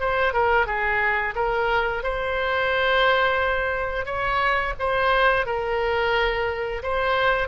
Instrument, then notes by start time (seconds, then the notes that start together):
oboe
0.00 C5
0.33 A#4
0.66 G#4
1.35 A#4
2.03 C5
4.05 C#5
4.79 C5
5.46 A#4
6.82 C5